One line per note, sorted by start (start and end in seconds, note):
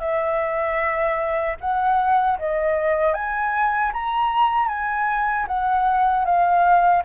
0.00 1.56 E5
1.60 2.38 F#5
2.39 3.14 D#5
3.14 3.92 G#5
3.93 4.68 A#5
4.68 5.46 G#5
5.47 6.25 F#5
6.25 7.03 F5